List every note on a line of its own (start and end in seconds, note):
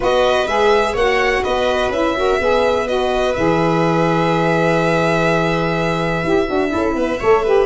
0.00 0.46 B3
0.00 0.46 F#4
0.00 0.93 B4
0.00 0.47 D#5
0.46 0.94 G#3
0.46 0.95 G#4
0.46 0.95 E5
0.93 1.42 A#3
0.93 1.93 F#4
0.93 1.41 C#5
0.93 1.43 F#5
1.43 1.89 B3
1.43 2.15 B4
1.43 1.91 D#5
1.89 2.37 C#4
1.89 2.16 E4
1.89 2.87 E5
2.16 2.40 F#4
2.16 2.41 A#4
2.40 3.36 B3
2.40 2.86 G#4
2.40 6.72 B4
2.86 3.34 F#4
2.86 3.35 D#5
3.35 6.23 E3
3.35 6.23 G#4
3.35 7.66 E5
6.23 6.47 E4
6.23 6.46 G4
6.46 6.73 D4
6.46 6.68 F#4
6.68 7.16 E4
6.68 6.96 A4
6.74 6.95 C#4
6.95 7.19 B3
6.95 7.20 B4
7.20 7.66 A3
7.20 7.44 A4
7.20 7.43 C#5
7.43 7.66 G4
7.43 7.66 B4